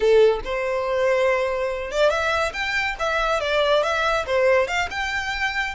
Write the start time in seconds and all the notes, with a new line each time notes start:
0.00 A4
0.44 C5
1.91 D5
2.09 E5
2.53 G5
2.99 E5
3.40 D5
3.83 E5
4.26 C5
4.67 F5
4.90 G5